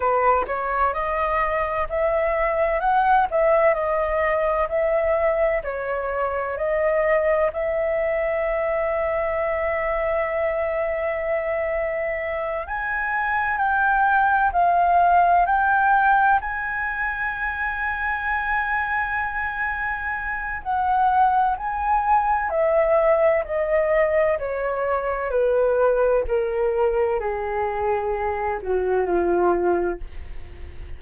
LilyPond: \new Staff \with { instrumentName = "flute" } { \time 4/4 \tempo 4 = 64 b'8 cis''8 dis''4 e''4 fis''8 e''8 | dis''4 e''4 cis''4 dis''4 | e''1~ | e''4. gis''4 g''4 f''8~ |
f''8 g''4 gis''2~ gis''8~ | gis''2 fis''4 gis''4 | e''4 dis''4 cis''4 b'4 | ais'4 gis'4. fis'8 f'4 | }